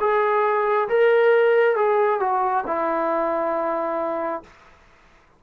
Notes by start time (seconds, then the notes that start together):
0.00 G#4
0.88 A#4
1.76 G#4
2.20 F#4
2.67 E4